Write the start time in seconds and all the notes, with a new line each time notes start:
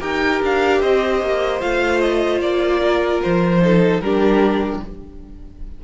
0.00 D#4 G4 A#4 G5
0.42 D4 F5
0.80 C4 C5 D#5
1.22 A#3
1.60 A3 F4 F5
2.00 D#5
2.40 A#3 D5
2.82 A#4
3.22 F3 C5
3.62 D#4 A4
4.00 G3 D4 G4 A#4